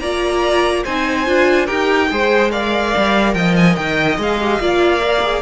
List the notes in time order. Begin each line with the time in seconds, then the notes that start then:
0.00 A#3 F4 D5 A#5
0.84 C4 D#4 C5 G#5
1.27 D4 F4
1.67 D#4 G4 A#4 G5
2.10 G#3 G#4 C5
2.51 A#4 D5 F5
2.97 G3
3.34 F3 D#5 G5
3.57 G#5
3.76 D#3 G5
4.18 G#3 G#4 F5
4.41 G4
4.60 A#3 F4 D5
5.01 A#4
5.23 G#4